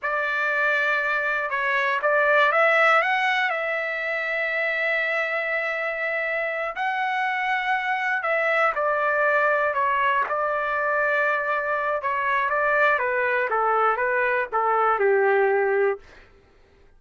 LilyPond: \new Staff \with { instrumentName = "trumpet" } { \time 4/4 \tempo 4 = 120 d''2. cis''4 | d''4 e''4 fis''4 e''4~ | e''1~ | e''4. fis''2~ fis''8~ |
fis''8 e''4 d''2 cis''8~ | cis''8 d''2.~ d''8 | cis''4 d''4 b'4 a'4 | b'4 a'4 g'2 | }